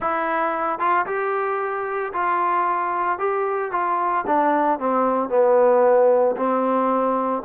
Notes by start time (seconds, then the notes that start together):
0.00 E4
0.79 F4
1.06 G4
2.13 F4
3.18 G4
3.71 F4
4.26 D4
4.79 C4
5.29 B3
6.36 C4